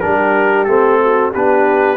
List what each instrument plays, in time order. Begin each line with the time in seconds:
0.00 tuba G3, trombone D4, horn G4, trumpet A#4
0.64 tuba A3, trombone C4, trumpet A4
1.01 horn F#4
1.32 tuba B3, trombone D4, horn G4, trumpet B4